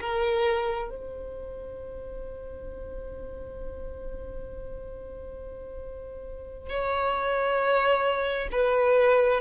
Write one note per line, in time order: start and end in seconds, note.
0.00 0.89 A#4
0.89 6.69 C5
6.69 8.48 C#5
8.51 9.40 B4